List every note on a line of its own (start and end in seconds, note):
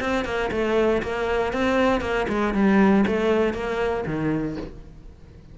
0.00 0.25 C4
0.25 0.50 A#3
0.51 1.02 A3
1.02 1.53 A#3
1.53 2.01 C4
2.01 2.26 A#3
2.28 2.54 G#3
2.54 3.05 G3
3.07 3.53 A3
3.53 4.04 A#3
4.06 4.57 D#3